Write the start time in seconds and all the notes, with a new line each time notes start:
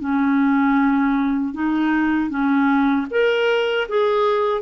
0.00 C#4
1.54 D#4
2.30 C#4
3.11 A#4
3.89 G#4